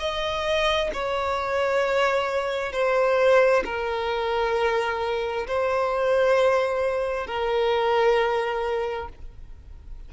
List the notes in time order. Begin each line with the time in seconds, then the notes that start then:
0.00 D#5
0.93 C#5
2.73 C5
3.65 A#4
5.48 C5
7.27 A#4